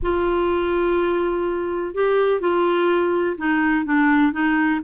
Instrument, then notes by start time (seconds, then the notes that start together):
clarinet
0.02 F4
1.94 G4
2.40 F4
3.37 D#4
3.85 D4
4.32 D#4